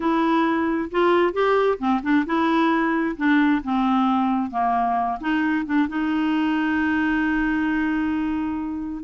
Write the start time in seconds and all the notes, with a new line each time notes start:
0.00 E4
0.91 F4
1.33 G4
1.78 C4
2.02 D4
2.26 E4
3.16 D4
3.63 C4
4.51 A#3
5.20 D#4
5.65 D4
5.88 D#4